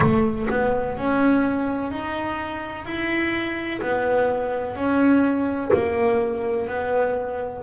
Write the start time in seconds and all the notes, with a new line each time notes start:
0.00 A3
0.49 B3
0.97 C#4
1.90 D#4
2.85 E4
3.81 B3
4.75 C#4
5.73 A#3
6.67 B3